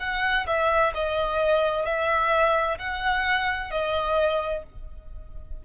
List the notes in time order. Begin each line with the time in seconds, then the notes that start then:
0.00 F#5
0.47 E5
0.95 D#5
1.85 E5
2.79 F#5
3.71 D#5